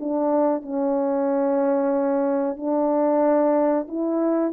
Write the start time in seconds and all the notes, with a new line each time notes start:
0.00 D4
0.63 C#4
2.57 D4
3.89 E4